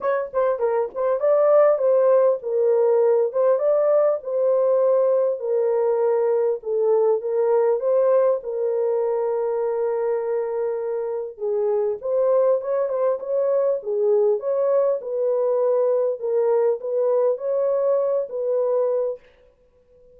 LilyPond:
\new Staff \with { instrumentName = "horn" } { \time 4/4 \tempo 4 = 100 cis''8 c''8 ais'8 c''8 d''4 c''4 | ais'4. c''8 d''4 c''4~ | c''4 ais'2 a'4 | ais'4 c''4 ais'2~ |
ais'2. gis'4 | c''4 cis''8 c''8 cis''4 gis'4 | cis''4 b'2 ais'4 | b'4 cis''4. b'4. | }